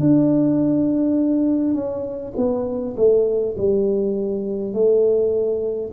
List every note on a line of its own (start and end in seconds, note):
0.00 1.74 D4
1.74 2.33 C#4
2.37 2.96 B3
2.97 3.56 A3
3.58 4.73 G3
4.73 5.91 A3